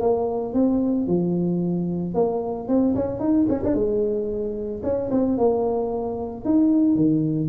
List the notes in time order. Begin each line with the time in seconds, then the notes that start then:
0.00 A#3
0.53 C4
1.07 F3
2.14 A#3
2.68 C4
2.95 C#4
3.19 D#4
3.49 C#4
3.63 D4
3.74 G#3
4.83 C#4
5.11 C4
5.37 A#3
6.44 D#4
6.95 D#3